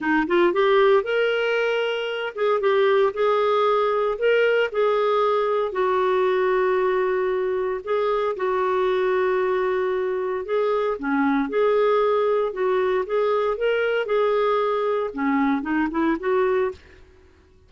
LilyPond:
\new Staff \with { instrumentName = "clarinet" } { \time 4/4 \tempo 4 = 115 dis'8 f'8 g'4 ais'2~ | ais'8 gis'8 g'4 gis'2 | ais'4 gis'2 fis'4~ | fis'2. gis'4 |
fis'1 | gis'4 cis'4 gis'2 | fis'4 gis'4 ais'4 gis'4~ | gis'4 cis'4 dis'8 e'8 fis'4 | }